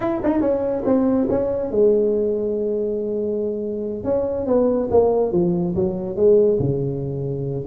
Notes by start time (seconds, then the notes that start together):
0.00 E4
0.23 D#4
0.40 C#4
0.85 C4
1.29 C#4
1.71 G#3
4.04 C#4
4.46 B3
4.91 A#3
5.32 F3
5.75 F#3
6.15 G#3
6.59 C#3